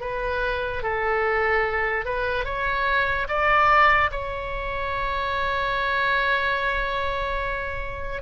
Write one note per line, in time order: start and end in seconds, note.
0.00 0.82 B4
0.82 2.05 A4
2.05 2.44 B4
2.44 3.27 C#5
3.28 4.10 D5
4.11 8.22 C#5